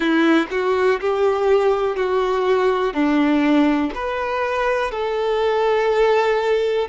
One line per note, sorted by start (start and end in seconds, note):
0.00 0.46 E4
0.51 1.00 F#4
1.00 1.96 G4
1.96 2.93 F#4
2.93 3.91 D4
3.94 4.91 B4
4.91 6.88 A4